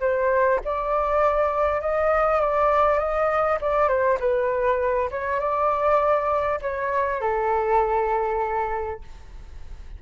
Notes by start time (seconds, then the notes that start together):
0.00 C5
0.64 D5
1.81 D#5
2.40 D5
2.98 D#5
3.61 D5
3.88 C5
4.19 B4
5.11 C#5
5.39 D5
6.61 C#5
7.21 A4